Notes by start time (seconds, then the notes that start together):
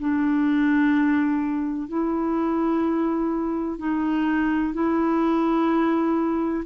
0.00 D4
1.89 E4
3.79 D#4
4.74 E4